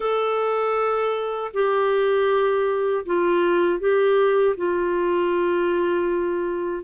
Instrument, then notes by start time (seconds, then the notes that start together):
clarinet
0.00 A4
1.53 G4
3.05 F4
3.79 G4
4.56 F4